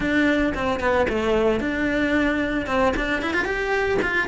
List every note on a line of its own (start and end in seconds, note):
0.00 0.53 D4
0.54 0.80 C4
0.80 1.06 B3
1.09 1.59 A3
1.59 2.66 D4
2.66 2.93 C4
2.96 3.22 D4
3.22 3.33 E4
3.33 3.45 F4
3.45 3.98 G4
4.02 4.28 F4